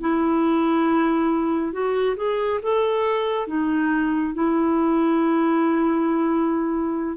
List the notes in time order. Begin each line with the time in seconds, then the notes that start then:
0.00 E4
1.72 F#4
2.16 G#4
2.62 A4
3.47 D#4
4.34 E4